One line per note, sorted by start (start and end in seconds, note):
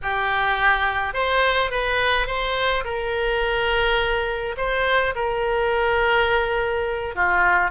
0.02 1.13 G4
1.13 1.70 C5
1.70 2.26 B4
2.26 2.83 C5
2.84 4.55 A#4
4.57 5.14 C5
5.15 7.15 A#4
7.15 7.70 F4